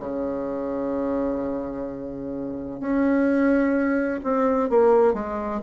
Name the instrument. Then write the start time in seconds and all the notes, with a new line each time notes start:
bassoon
0.00 C#3
2.80 C#4
4.24 C4
4.70 A#3
5.14 G#3